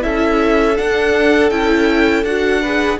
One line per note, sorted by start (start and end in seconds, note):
0.00 0.78 C#4
0.00 0.74 E4
0.00 2.61 A4
0.00 0.77 E5
0.77 1.51 D4
0.77 1.50 F#5
1.50 2.23 C#4
1.50 2.25 E4
1.50 2.24 G5
2.23 2.97 D4
2.23 2.63 F#4
2.23 2.99 F#5
2.61 2.99 G#4
2.61 2.98 B4